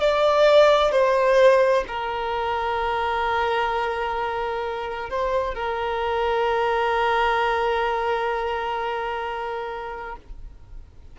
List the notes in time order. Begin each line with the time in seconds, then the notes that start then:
0.00 D5
0.91 C5
1.88 A#4
5.10 C5
5.54 A#4